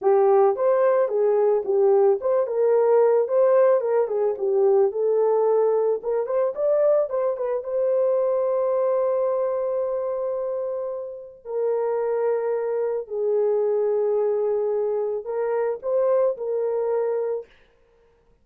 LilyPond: \new Staff \with { instrumentName = "horn" } { \time 4/4 \tempo 4 = 110 g'4 c''4 gis'4 g'4 | c''8 ais'4. c''4 ais'8 gis'8 | g'4 a'2 ais'8 c''8 | d''4 c''8 b'8 c''2~ |
c''1~ | c''4 ais'2. | gis'1 | ais'4 c''4 ais'2 | }